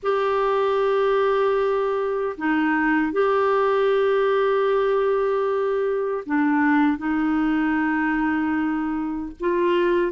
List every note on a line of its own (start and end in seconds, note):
0.02 2.36 G4
2.37 3.12 D#4
3.12 6.23 G4
6.26 6.97 D4
6.97 9.31 D#4
9.40 10.12 F4